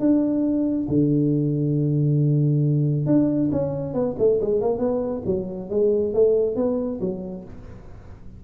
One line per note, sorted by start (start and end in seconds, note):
0.00 0.88 D4
0.89 3.07 D3
3.07 3.50 D4
3.52 3.94 C#4
3.94 4.16 B3
4.19 4.41 A3
4.41 4.61 G#3
4.61 4.79 A#3
4.79 5.23 B3
5.26 5.70 F#3
5.70 6.14 G#3
6.14 6.56 A3
6.56 7.00 B3
7.01 7.45 F#3